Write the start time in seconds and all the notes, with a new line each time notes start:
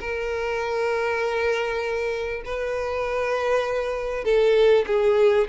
0.00 A#4
2.45 B4
4.25 A4
4.87 G#4